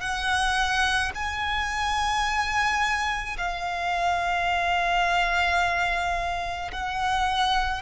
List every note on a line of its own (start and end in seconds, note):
0.00 1.11 F#5
1.14 3.36 G#5
3.37 6.71 F5
6.72 7.81 F#5